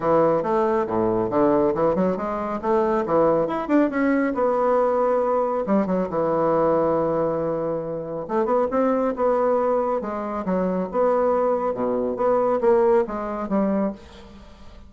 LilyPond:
\new Staff \with { instrumentName = "bassoon" } { \time 4/4 \tempo 4 = 138 e4 a4 a,4 d4 | e8 fis8 gis4 a4 e4 | e'8 d'8 cis'4 b2~ | b4 g8 fis8 e2~ |
e2. a8 b8 | c'4 b2 gis4 | fis4 b2 b,4 | b4 ais4 gis4 g4 | }